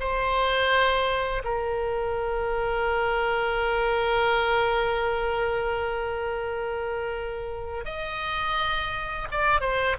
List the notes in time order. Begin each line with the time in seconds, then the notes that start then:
0.00 C5
1.44 A#4
7.85 D#5
9.31 D5
9.61 C5